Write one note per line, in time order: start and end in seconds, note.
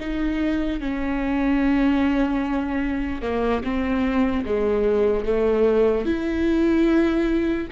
0.00 0.80 D#4
0.80 3.21 C#4
3.21 3.62 A#3
3.64 4.45 C4
4.45 5.25 G#3
5.25 6.05 A3
6.05 7.67 E4